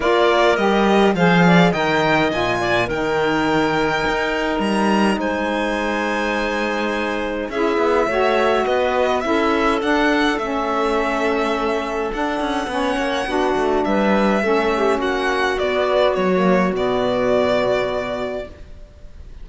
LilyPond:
<<
  \new Staff \with { instrumentName = "violin" } { \time 4/4 \tempo 4 = 104 d''4 dis''4 f''4 g''4 | gis''4 g''2. | ais''4 gis''2.~ | gis''4 e''2 dis''4 |
e''4 fis''4 e''2~ | e''4 fis''2. | e''2 fis''4 d''4 | cis''4 d''2. | }
  \new Staff \with { instrumentName = "clarinet" } { \time 4/4 ais'2 c''8 d''8 dis''4~ | dis''8 d''8 ais'2.~ | ais'4 c''2.~ | c''4 gis'4 cis''4 b'4 |
a'1~ | a'2 cis''4 fis'4 | b'4 a'8 g'8 fis'2~ | fis'1 | }
  \new Staff \with { instrumentName = "saxophone" } { \time 4/4 f'4 g'4 gis'4 ais'4 | f'4 dis'2.~ | dis'1~ | dis'4 e'4 fis'2 |
e'4 d'4 cis'2~ | cis'4 d'4 cis'4 d'4~ | d'4 cis'2 b4~ | b16 ais8. b2. | }
  \new Staff \with { instrumentName = "cello" } { \time 4/4 ais4 g4 f4 dis4 | ais,4 dis2 dis'4 | g4 gis2.~ | gis4 cis'8 b8 a4 b4 |
cis'4 d'4 a2~ | a4 d'8 cis'8 b8 ais8 b8 a8 | g4 a4 ais4 b4 | fis4 b,2. | }
>>